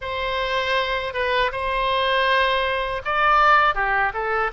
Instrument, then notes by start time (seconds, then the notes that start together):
oboe
0.01 C5
1.13 B4
1.52 C5
3.04 D5
3.75 G4
4.13 A4